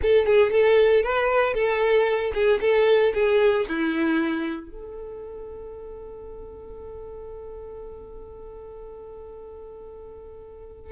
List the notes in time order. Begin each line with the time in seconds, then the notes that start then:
0.02 A4
0.26 G#4
0.51 A4
1.03 B4
1.54 A4
2.34 G#4
2.61 A4
3.14 G#4
3.68 E4
4.71 A4